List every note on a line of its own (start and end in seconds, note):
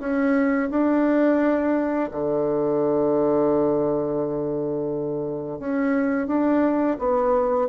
0.00 0.70 C#4
0.70 2.10 D4
2.12 5.59 D3
5.59 6.28 C#4
6.28 6.97 D4
6.99 7.69 B3